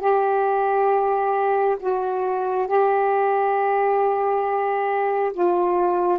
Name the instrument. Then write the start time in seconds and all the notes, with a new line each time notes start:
saxophone
0.00 G4
1.80 F#4
2.67 G4
5.33 F4